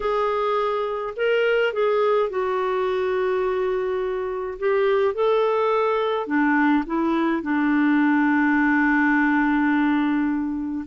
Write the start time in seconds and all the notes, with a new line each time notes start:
0.00 G#4
1.16 A#4
1.73 G#4
2.29 F#4
4.59 G4
5.14 A4
6.26 D4
6.86 E4
7.42 D4